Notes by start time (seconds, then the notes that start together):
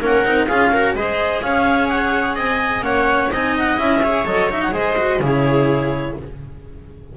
0.00 A#3 C#4 A#4 F#5
0.24 C4 D#4
0.47 C#4 F4 G#4 F5
0.73 F#4 A#4
0.94 G#3 G#4 C5 D#5
1.41 C#4 C#5 F5
1.88 F#5
2.35 C4 D#5 G#5
2.82 A#3 C#4 C#5 F#5
3.30 C4 D#4 D#5 G#5
3.58 F#5
3.77 C#4 E4 E5
4.02 G#4 C#5
4.25 F#3 A4 D#5
4.50 D#4 E5
4.62 F#5
4.71 G#3 G#4 C5 D#5
4.96 F#4
5.19 C#3 E4 G#4 C#5